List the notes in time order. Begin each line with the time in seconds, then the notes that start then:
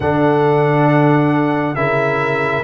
0.00 D3 D4 A4 F#5
1.75 C#3 E4 A#4 E5